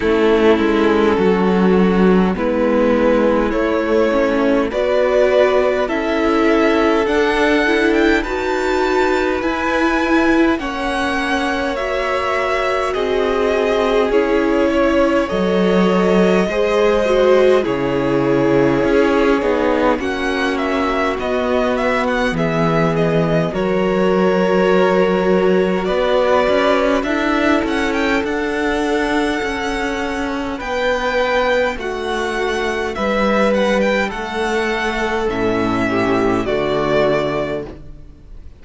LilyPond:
<<
  \new Staff \with { instrumentName = "violin" } { \time 4/4 \tempo 4 = 51 a'2 b'4 cis''4 | d''4 e''4 fis''8. g''16 a''4 | gis''4 fis''4 e''4 dis''4 | cis''4 dis''2 cis''4~ |
cis''4 fis''8 e''8 dis''8 e''16 fis''16 e''8 dis''8 | cis''2 d''4 e''8 fis''16 g''16 | fis''2 g''4 fis''4 | e''8 fis''16 g''16 fis''4 e''4 d''4 | }
  \new Staff \with { instrumentName = "violin" } { \time 4/4 e'4 fis'4 e'2 | b'4 a'2 b'4~ | b'4 cis''2 gis'4~ | gis'8 cis''4. c''4 gis'4~ |
gis'4 fis'2 gis'4 | ais'2 b'4 a'4~ | a'2 b'4 fis'4 | b'4 a'4. g'8 fis'4 | }
  \new Staff \with { instrumentName = "viola" } { \time 4/4 cis'2 b4 a8 cis'8 | fis'4 e'4 d'8 e'8 fis'4 | e'4 cis'4 fis'2 | e'4 a'4 gis'8 fis'8 e'4~ |
e'8 dis'8 cis'4 b2 | fis'2. e'4 | d'1~ | d'2 cis'4 a4 | }
  \new Staff \with { instrumentName = "cello" } { \time 4/4 a8 gis8 fis4 gis4 a4 | b4 cis'4 d'4 dis'4 | e'4 ais2 c'4 | cis'4 fis4 gis4 cis4 |
cis'8 b8 ais4 b4 e4 | fis2 b8 cis'8 d'8 cis'8 | d'4 cis'4 b4 a4 | g4 a4 a,4 d4 | }
>>